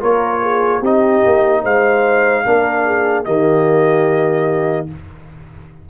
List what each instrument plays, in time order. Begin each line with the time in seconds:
0.00 tuba A#3, trombone F4, horn A#4, trumpet C#5
0.42 horn G#4
0.80 tuba C4, trombone D#4, horn G4, trumpet D#5
1.25 tuba A#3
1.63 tuba G#3, horn C5, trumpet F5
2.44 tuba A#3, trombone D4, horn A#4
2.85 horn G#4
3.24 tuba D#3, trombone A#3, horn G4, trumpet D#5